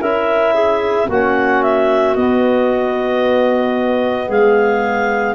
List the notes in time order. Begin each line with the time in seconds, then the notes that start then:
0.00 C#4 E4 A#4 E5
0.54 G#4
1.08 A#3 C#4 F#4 F#5
1.63 E5
2.15 B3 D#5
4.28 G#3 G#4 F5